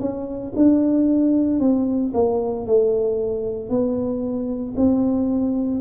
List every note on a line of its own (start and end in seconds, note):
0.00 0.53 C#4
0.56 1.60 D4
1.60 2.12 C4
2.14 2.66 A#3
2.66 3.69 A3
3.69 4.75 B3
4.77 5.80 C4